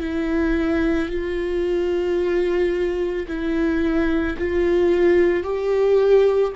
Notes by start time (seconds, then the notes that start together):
0.00 E4
1.09 F4
3.28 E4
4.38 F4
5.43 G4